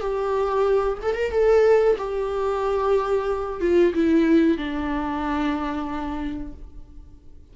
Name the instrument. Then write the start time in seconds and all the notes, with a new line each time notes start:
viola
0.00 G4
1.02 A4
1.15 A#4
1.31 A4
1.97 G4
3.60 F4
3.93 E4
4.57 D4